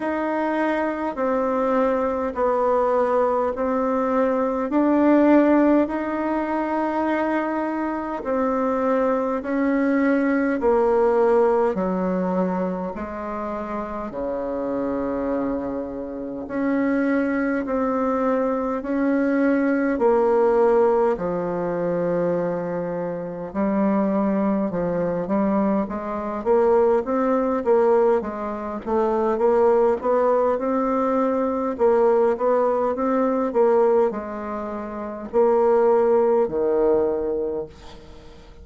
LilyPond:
\new Staff \with { instrumentName = "bassoon" } { \time 4/4 \tempo 4 = 51 dis'4 c'4 b4 c'4 | d'4 dis'2 c'4 | cis'4 ais4 fis4 gis4 | cis2 cis'4 c'4 |
cis'4 ais4 f2 | g4 f8 g8 gis8 ais8 c'8 ais8 | gis8 a8 ais8 b8 c'4 ais8 b8 | c'8 ais8 gis4 ais4 dis4 | }